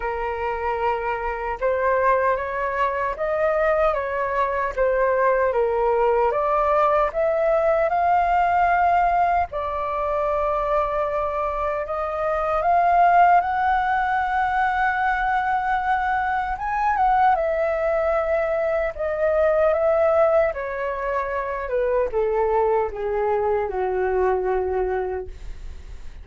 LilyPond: \new Staff \with { instrumentName = "flute" } { \time 4/4 \tempo 4 = 76 ais'2 c''4 cis''4 | dis''4 cis''4 c''4 ais'4 | d''4 e''4 f''2 | d''2. dis''4 |
f''4 fis''2.~ | fis''4 gis''8 fis''8 e''2 | dis''4 e''4 cis''4. b'8 | a'4 gis'4 fis'2 | }